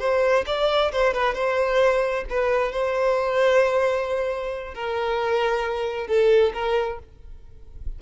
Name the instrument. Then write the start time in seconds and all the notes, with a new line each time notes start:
violin
0.00 C5
0.47 D5
0.93 C5
1.14 B4
1.35 C5
2.30 B4
2.72 C5
4.75 A#4
6.08 A4
6.54 A#4